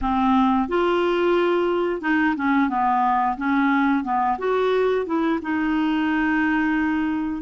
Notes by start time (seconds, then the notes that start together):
0.01 C4
0.68 F4
2.01 D#4
2.36 C#4
2.69 B3
3.37 C#4
4.04 B3
4.38 F#4
5.06 E4
5.41 D#4